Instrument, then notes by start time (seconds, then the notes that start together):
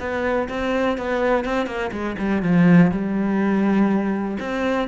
cello
0.00 B3
0.49 C4
0.98 B3
1.45 C4
1.67 A#3
1.92 G#3
2.19 G3
2.43 F3
2.92 G3
4.40 C4